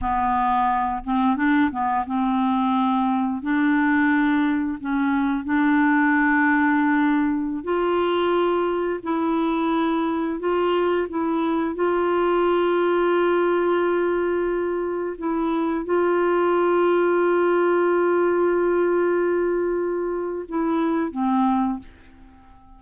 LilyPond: \new Staff \with { instrumentName = "clarinet" } { \time 4/4 \tempo 4 = 88 b4. c'8 d'8 b8 c'4~ | c'4 d'2 cis'4 | d'2.~ d'16 f'8.~ | f'4~ f'16 e'2 f'8.~ |
f'16 e'4 f'2~ f'8.~ | f'2~ f'16 e'4 f'8.~ | f'1~ | f'2 e'4 c'4 | }